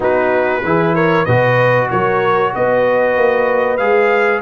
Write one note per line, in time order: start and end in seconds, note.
0.00 0.62 B3
0.00 0.61 D#4
0.00 0.62 F#4
0.00 0.95 B4
0.63 1.26 E3
0.63 1.28 E4
0.63 0.94 G#4
0.94 1.24 A#4
0.94 1.25 C#5
1.24 1.90 B2
1.24 3.79 F#4
1.24 1.87 B4
1.24 1.88 D#5
1.89 2.54 F#3
1.89 2.53 A#4
1.89 2.53 C#5
2.54 3.16 B3
2.54 4.42 B4
2.54 3.77 D#5
3.16 3.79 A#3
3.77 4.42 G#3
3.77 4.42 G#4
3.77 4.40 F5